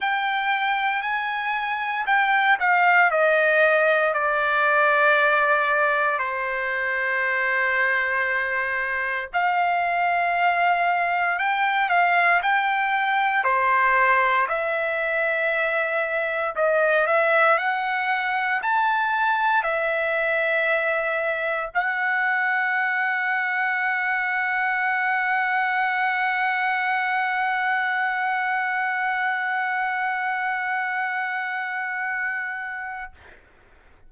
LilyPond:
\new Staff \with { instrumentName = "trumpet" } { \time 4/4 \tempo 4 = 58 g''4 gis''4 g''8 f''8 dis''4 | d''2 c''2~ | c''4 f''2 g''8 f''8 | g''4 c''4 e''2 |
dis''8 e''8 fis''4 a''4 e''4~ | e''4 fis''2.~ | fis''1~ | fis''1 | }